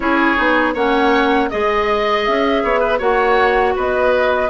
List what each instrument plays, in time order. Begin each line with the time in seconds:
0.00 bassoon C#4, clarinet E4, oboe G#4, flute C#5
0.35 bassoon B3, clarinet D#4
0.74 bassoon A#3, clarinet C#4, oboe C#5, flute F#5
1.49 bassoon G#3, clarinet G#4, flute D#5, oboe D#5
2.24 bassoon C#4, flute E5
2.63 bassoon B3, oboe C#5
2.80 oboe B4
2.98 bassoon A#3, clarinet F#4, oboe C#5, flute F#5
3.75 bassoon B3, oboe B4, flute D#5